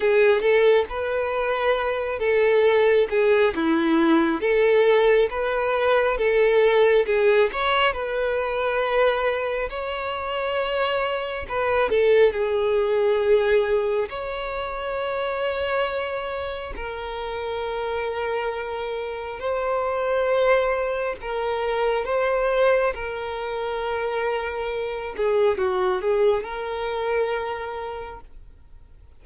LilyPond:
\new Staff \with { instrumentName = "violin" } { \time 4/4 \tempo 4 = 68 gis'8 a'8 b'4. a'4 gis'8 | e'4 a'4 b'4 a'4 | gis'8 cis''8 b'2 cis''4~ | cis''4 b'8 a'8 gis'2 |
cis''2. ais'4~ | ais'2 c''2 | ais'4 c''4 ais'2~ | ais'8 gis'8 fis'8 gis'8 ais'2 | }